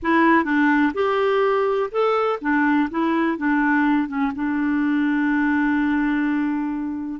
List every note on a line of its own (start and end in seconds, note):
0.02 0.44 E4
0.44 0.92 D4
0.94 1.90 G4
1.91 2.39 A4
2.41 2.89 D4
2.90 3.37 E4
3.37 4.08 D4
4.08 4.32 C#4
4.35 7.20 D4